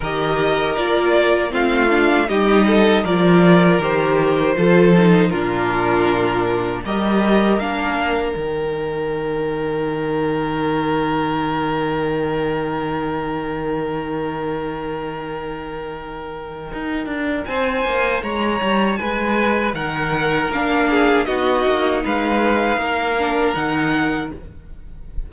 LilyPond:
<<
  \new Staff \with { instrumentName = "violin" } { \time 4/4 \tempo 4 = 79 dis''4 d''4 f''4 dis''4 | d''4 c''2 ais'4~ | ais'4 dis''4 f''4 g''4~ | g''1~ |
g''1~ | g''2. gis''4 | ais''4 gis''4 fis''4 f''4 | dis''4 f''2 fis''4 | }
  \new Staff \with { instrumentName = "violin" } { \time 4/4 ais'2 f'4 g'8 a'8 | ais'2 a'4 f'4~ | f'4 ais'2.~ | ais'1~ |
ais'1~ | ais'2. c''4 | cis''4 b'4 ais'4. gis'8 | fis'4 b'4 ais'2 | }
  \new Staff \with { instrumentName = "viola" } { \time 4/4 g'4 f'4 c'8 d'8 dis'4 | f'4 g'4 f'8 dis'8 d'4~ | d'4 g'4 d'4 dis'4~ | dis'1~ |
dis'1~ | dis'1~ | dis'2. d'4 | dis'2~ dis'8 d'8 dis'4 | }
  \new Staff \with { instrumentName = "cello" } { \time 4/4 dis4 ais4 a4 g4 | f4 dis4 f4 ais,4~ | ais,4 g4 ais4 dis4~ | dis1~ |
dis1~ | dis2 dis'8 d'8 c'8 ais8 | gis8 g8 gis4 dis4 ais4 | b8 ais8 gis4 ais4 dis4 | }
>>